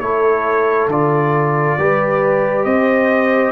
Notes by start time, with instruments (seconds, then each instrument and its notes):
0.00 tuba A3, trombone E4, horn A4, trumpet C#5
0.87 tuba D3, trombone F4, trumpet D5
1.78 tuba G3, trombone G4, horn B4
2.64 tuba C4, horn C5, trumpet D#5